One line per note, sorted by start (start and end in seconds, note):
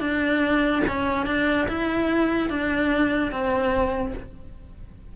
0.00 0.82 D4
0.88 1.26 C#4
1.26 1.68 D4
1.68 2.50 E4
2.50 3.32 D4
3.32 4.14 C4